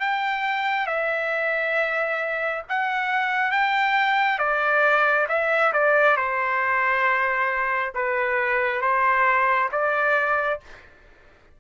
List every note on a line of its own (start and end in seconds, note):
0.00 0.87 G5
0.87 2.63 E5
2.69 3.51 F#5
3.51 4.39 G5
4.39 5.27 D5
5.29 5.73 E5
5.73 6.16 D5
6.16 7.93 C5
7.94 8.81 B4
8.81 9.69 C5
9.72 10.60 D5